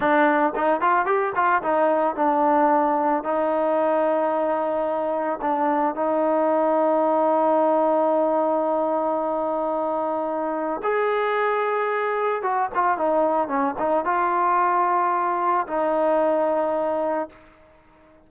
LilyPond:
\new Staff \with { instrumentName = "trombone" } { \time 4/4 \tempo 4 = 111 d'4 dis'8 f'8 g'8 f'8 dis'4 | d'2 dis'2~ | dis'2 d'4 dis'4~ | dis'1~ |
dis'1 | gis'2. fis'8 f'8 | dis'4 cis'8 dis'8 f'2~ | f'4 dis'2. | }